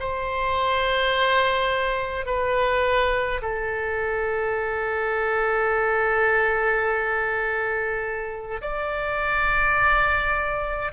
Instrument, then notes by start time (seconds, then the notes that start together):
oboe
0.00 C5
2.26 B4
3.42 A4
8.61 D5